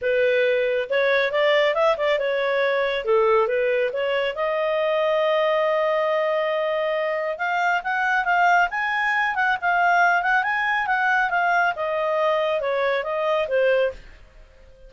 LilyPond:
\new Staff \with { instrumentName = "clarinet" } { \time 4/4 \tempo 4 = 138 b'2 cis''4 d''4 | e''8 d''8 cis''2 a'4 | b'4 cis''4 dis''2~ | dis''1~ |
dis''4 f''4 fis''4 f''4 | gis''4. fis''8 f''4. fis''8 | gis''4 fis''4 f''4 dis''4~ | dis''4 cis''4 dis''4 c''4 | }